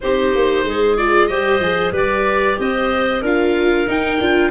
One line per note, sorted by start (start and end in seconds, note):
0.01 0.34 C4
0.01 0.97 D#4
0.01 0.66 G4
0.01 0.96 C5
0.34 0.64 A#3
0.64 1.28 G#3
0.64 1.30 G#4
0.96 1.29 F4
0.96 1.27 D5
1.27 1.59 G3
1.27 1.61 G4
1.27 1.92 C5
1.27 1.91 D#5
1.59 1.91 F3
1.59 1.93 G#4
1.92 2.56 G3
1.92 3.22 G4
1.92 2.57 B4
1.92 2.59 D5
2.58 3.22 C4
2.58 3.21 C5
2.58 3.24 D#5
3.21 3.86 D4
3.21 3.87 F4
3.21 4.50 A#4
3.21 3.90 F5
3.87 4.19 D#4
3.87 4.50 G5
4.20 4.50 D4
4.20 4.50 F4